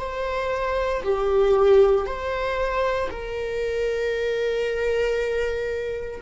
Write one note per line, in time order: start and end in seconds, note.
0.00 1.03 C5
1.04 2.06 G4
2.06 3.10 C5
3.11 6.21 A#4